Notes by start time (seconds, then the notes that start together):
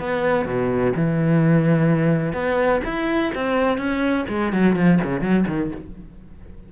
0.00 B3
0.45 B2
0.96 E3
2.33 B3
2.84 E4
3.35 C4
3.78 C#4
4.29 G#3
4.52 F#3
4.76 F3
5.04 C#3
5.21 F#3
5.47 D#3